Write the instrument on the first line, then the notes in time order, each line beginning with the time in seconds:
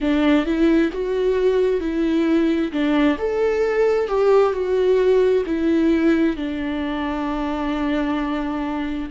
viola
0.00 D4
0.45 E4
0.92 F#4
1.80 E4
2.71 D4
3.18 A4
4.07 G4
4.52 F#4
5.45 E4
6.36 D4